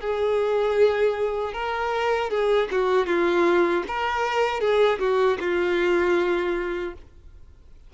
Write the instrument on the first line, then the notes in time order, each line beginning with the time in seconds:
violin
0.00 G#4
1.53 A#4
2.30 G#4
2.71 F#4
3.06 F4
3.87 A#4
4.60 G#4
4.99 F#4
5.40 F4